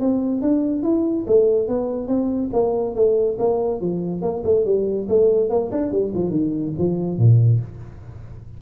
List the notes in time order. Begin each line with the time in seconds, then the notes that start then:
0.00 C4
0.42 D4
0.83 E4
1.27 A3
1.68 B3
2.08 C4
2.53 A#3
2.95 A3
3.39 A#3
3.81 F3
4.21 A#3
4.44 A3
4.65 G3
5.09 A3
5.50 A#3
5.72 D4
5.92 G3
6.14 F3
6.31 D#3
6.78 F3
7.18 A#2